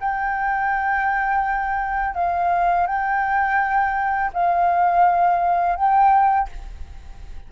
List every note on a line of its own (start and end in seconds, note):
0.00 2.15 G5
2.15 2.87 F5
2.87 4.31 G5
4.33 5.76 F5
5.76 6.48 G5